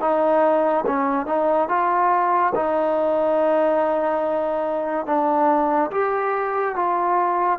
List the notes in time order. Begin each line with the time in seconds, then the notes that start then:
0.00 D#4
0.86 C#4
1.26 D#4
1.68 F4
2.55 D#4
5.06 D4
5.91 G4
6.75 F4